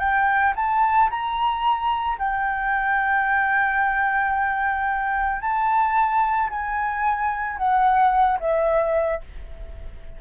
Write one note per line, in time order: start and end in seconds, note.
0.00 0.54 G5
0.56 1.10 A5
1.11 2.19 A#5
2.19 5.42 G5
5.42 6.50 A5
6.50 7.58 G#5
7.58 8.39 F#5
8.40 9.21 E5